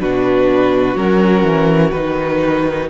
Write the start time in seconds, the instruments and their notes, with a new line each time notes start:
0.00 cello B2, viola D4, violin F#4 B4
0.95 cello F#3, viola C#4, violin A#4
1.44 cello E3
1.92 cello D#3, viola D#4, violin B4